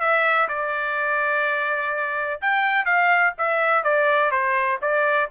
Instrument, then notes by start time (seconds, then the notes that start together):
trumpet
0.00 E5
0.48 D5
2.42 G5
2.85 F5
3.38 E5
3.84 D5
4.31 C5
4.82 D5